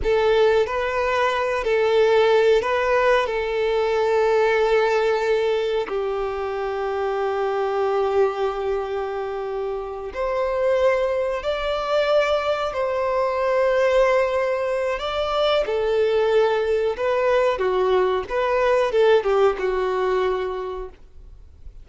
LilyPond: \new Staff \with { instrumentName = "violin" } { \time 4/4 \tempo 4 = 92 a'4 b'4. a'4. | b'4 a'2.~ | a'4 g'2.~ | g'2.~ g'8 c''8~ |
c''4. d''2 c''8~ | c''2. d''4 | a'2 b'4 fis'4 | b'4 a'8 g'8 fis'2 | }